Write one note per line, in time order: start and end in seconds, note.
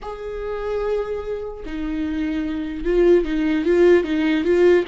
0.02 1.64 G#4
1.65 2.84 D#4
2.84 3.24 F4
3.24 3.65 D#4
3.65 4.03 F4
4.03 4.44 D#4
4.44 4.84 F4